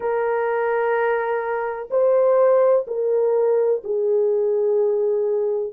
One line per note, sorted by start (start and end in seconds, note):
0.00 1.88 A#4
1.90 2.85 C5
2.87 3.82 A#4
3.84 5.73 G#4